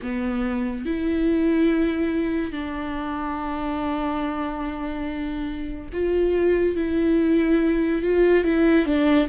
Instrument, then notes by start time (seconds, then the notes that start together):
viola
0.02 B3
0.85 E4
2.52 D4
5.92 F4
6.76 E4
8.02 F4
8.44 E4
8.85 D4